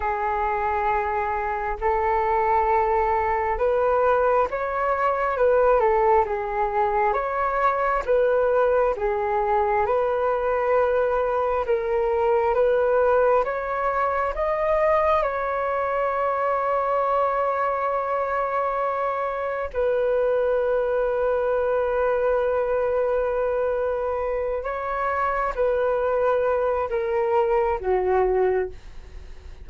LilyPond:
\new Staff \with { instrumentName = "flute" } { \time 4/4 \tempo 4 = 67 gis'2 a'2 | b'4 cis''4 b'8 a'8 gis'4 | cis''4 b'4 gis'4 b'4~ | b'4 ais'4 b'4 cis''4 |
dis''4 cis''2.~ | cis''2 b'2~ | b'2.~ b'8 cis''8~ | cis''8 b'4. ais'4 fis'4 | }